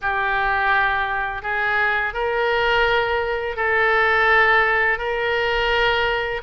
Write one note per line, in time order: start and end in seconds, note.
0.01 1.42 G4
1.42 2.13 G#4
2.13 3.56 A#4
3.56 4.98 A4
4.98 6.41 A#4